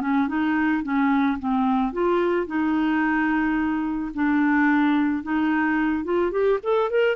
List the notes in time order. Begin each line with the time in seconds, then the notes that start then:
0.00 C#4
0.27 D#4
0.83 C#4
1.39 C4
1.92 F4
2.46 D#4
4.14 D4
5.22 D#4
6.04 F4
6.31 G4
6.63 A4
6.90 A#4